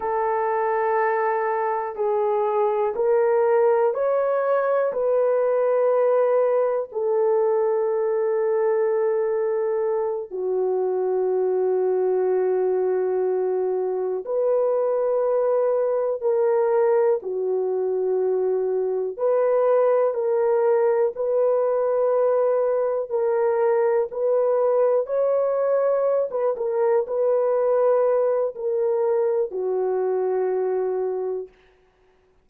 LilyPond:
\new Staff \with { instrumentName = "horn" } { \time 4/4 \tempo 4 = 61 a'2 gis'4 ais'4 | cis''4 b'2 a'4~ | a'2~ a'8 fis'4.~ | fis'2~ fis'8 b'4.~ |
b'8 ais'4 fis'2 b'8~ | b'8 ais'4 b'2 ais'8~ | ais'8 b'4 cis''4~ cis''16 b'16 ais'8 b'8~ | b'4 ais'4 fis'2 | }